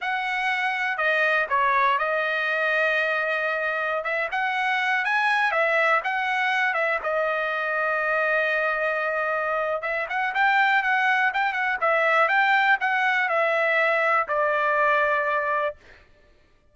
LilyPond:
\new Staff \with { instrumentName = "trumpet" } { \time 4/4 \tempo 4 = 122 fis''2 dis''4 cis''4 | dis''1~ | dis''16 e''8 fis''4. gis''4 e''8.~ | e''16 fis''4. e''8 dis''4.~ dis''16~ |
dis''1 | e''8 fis''8 g''4 fis''4 g''8 fis''8 | e''4 g''4 fis''4 e''4~ | e''4 d''2. | }